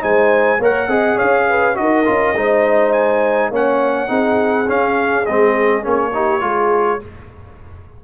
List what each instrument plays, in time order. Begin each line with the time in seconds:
0.00 tuba G#3, trombone D#4, horn C5, trumpet G#5
0.59 tuba A#3, trombone A#4, horn C#5, trumpet F#5
0.87 tuba C4, trombone G#4, horn D#5
1.16 tuba C#4, horn C#5, trumpet F5
1.48 horn B4
1.75 tuba D#4, trombone F#4, trumpet D#5
1.81 horn A#4
2.05 tuba C#4, trombone F4
2.36 tuba G#3, trombone D#4, horn C5
2.92 trumpet G#5
3.50 tuba A#3, trombone C#4, horn C#5, trumpet F#5
4.07 tuba C4, trombone D#4, horn G#4
4.67 trombone C#4, tuba C#4, trumpet F5
5.25 tuba G#3, trombone C4, trumpet D#5
5.82 tuba A#3, trombone C#4, trumpet C#5
6.13 trombone D#4, horn G4
6.41 tuba G#3, trombone F4, horn G#4